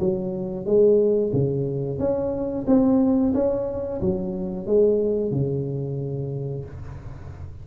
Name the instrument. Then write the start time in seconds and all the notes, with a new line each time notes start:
tuba
0.00 F#3
0.66 G#3
1.33 C#3
1.99 C#4
2.67 C4
3.35 C#4
4.02 F#3
4.67 G#3
5.32 C#3